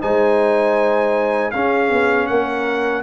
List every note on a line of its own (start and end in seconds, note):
0.00 1.54 G#3
0.00 1.52 D#4
0.00 1.51 C5
0.00 1.51 G#5
1.51 3.03 C#4
1.51 1.90 C#4
1.51 2.27 G#4
1.51 2.26 F5
1.90 2.28 B3
2.26 3.03 A#3
2.26 3.03 A#4
2.26 3.02 F#5